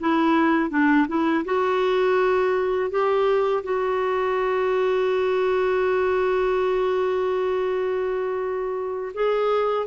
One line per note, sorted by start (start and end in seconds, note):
0.00 0.70 E4
0.70 1.06 D4
1.08 1.44 E4
1.45 2.90 F#4
2.90 3.63 G4
3.63 9.12 F#4
9.14 9.86 G#4